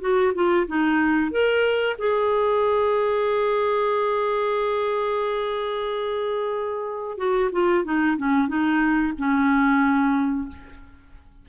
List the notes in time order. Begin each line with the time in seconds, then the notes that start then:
0.00 F#4
0.34 F4
0.67 D#4
1.31 A#4
1.98 G#4
7.17 F#4
7.52 F4
7.84 D#4
8.17 C#4
8.48 D#4
9.17 C#4